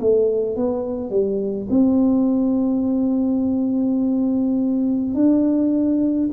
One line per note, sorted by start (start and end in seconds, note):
0.00 0.56 A3
0.56 1.10 B3
1.10 1.67 G3
1.70 5.15 C4
5.15 6.30 D4